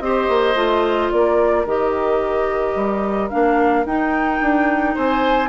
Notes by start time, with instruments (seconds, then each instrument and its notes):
0.00 bassoon C4, clarinet G4, oboe C5, flute D#5
0.28 bassoon A#3
0.54 bassoon A3, clarinet F4
1.11 bassoon A#3, oboe A#4, flute D5
1.65 bassoon D#3, clarinet G4, flute D#5
2.75 bassoon G3
3.29 bassoon A#3, clarinet D4, flute F5
3.85 bassoon D#4, clarinet D#4, flute G5
4.41 bassoon D4
4.94 bassoon C4, oboe C5, flute G#5